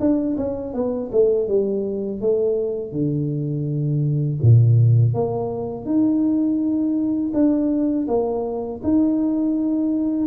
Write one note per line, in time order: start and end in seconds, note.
0.00 0.37 D4
0.37 0.74 C#4
0.74 1.10 B3
1.12 1.48 A3
1.48 2.21 G3
2.21 2.92 A3
2.92 4.38 D3
4.42 5.14 A#2
5.14 5.85 A#3
5.85 7.31 D#4
7.34 8.07 D4
8.07 8.80 A#3
8.83 10.26 D#4